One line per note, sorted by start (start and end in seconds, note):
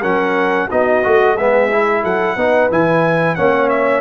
0.00 0.69 F#3
0.00 0.69 C#4
0.00 0.67 A#4
0.00 0.69 F#5
0.69 1.04 B3
0.69 1.03 D#4
0.69 1.34 F#4
0.69 1.37 D#5
1.03 1.37 A3
1.03 1.37 F#4
1.34 2.03 G#3
1.34 1.71 B3
1.34 2.01 G#4
1.34 2.04 E5
1.71 2.37 E4
2.03 2.36 F#3
2.03 2.36 A4
2.03 2.71 F#5
2.36 2.69 B3
2.36 2.70 D#4
2.36 3.36 B4
2.70 3.37 E3
2.70 3.37 E4
2.70 3.35 G#5
3.35 4.00 A#3
3.35 4.00 C#4
3.35 4.00 C#5
3.35 3.68 F#5
3.69 4.00 E5